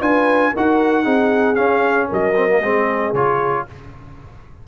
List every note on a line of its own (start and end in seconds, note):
0.00 0.52 D4
0.00 0.53 F4
0.00 0.52 B4
0.00 0.54 G#5
0.53 1.06 D#4
0.53 1.04 F#4
0.53 1.04 A#4
0.53 1.55 F#5
1.04 1.57 C4
1.04 1.55 D#4
1.04 2.08 G#4
1.55 2.34 C#4
1.55 2.10 C#4
1.55 2.07 F5
2.09 2.61 F#3
2.09 2.61 A#4
2.09 3.14 D#5
2.36 2.49 C4
2.49 2.62 A#3
2.61 3.13 G#3
2.61 3.15 C4
2.61 3.65 G#4
3.13 3.65 C#3
3.13 3.68 F4
3.13 3.66 C#5